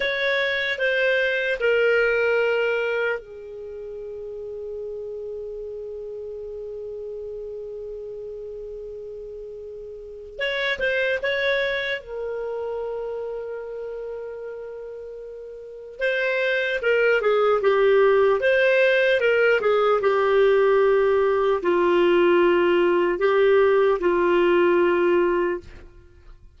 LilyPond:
\new Staff \with { instrumentName = "clarinet" } { \time 4/4 \tempo 4 = 75 cis''4 c''4 ais'2 | gis'1~ | gis'1~ | gis'4 cis''8 c''8 cis''4 ais'4~ |
ais'1 | c''4 ais'8 gis'8 g'4 c''4 | ais'8 gis'8 g'2 f'4~ | f'4 g'4 f'2 | }